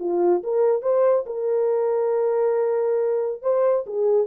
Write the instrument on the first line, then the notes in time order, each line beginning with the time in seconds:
horn
0.00 F4
0.44 A#4
0.83 C5
1.27 A#4
3.43 C5
3.87 G#4